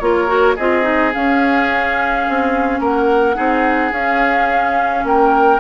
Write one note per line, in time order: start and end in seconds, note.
0.00 0.57 A#3
0.00 0.27 F4
0.00 0.56 A#4
0.00 0.56 C#5
0.27 0.55 F#4
0.56 1.15 C4
0.56 0.83 F4
0.56 2.80 G#4
0.56 1.13 D#5
0.83 1.11 D#4
1.14 3.35 C#4
1.14 2.27 C#4
1.14 2.82 F5
2.29 2.80 C4
2.80 3.36 A#3
2.80 3.36 A#4
2.80 3.93 F#5
3.35 3.92 C4
3.35 3.91 D#4
3.35 5.04 G#4
3.92 5.04 C#4
3.92 5.60 C#4
3.92 5.05 F5
5.04 5.60 A#3
5.04 5.60 A#4
5.04 5.60 G5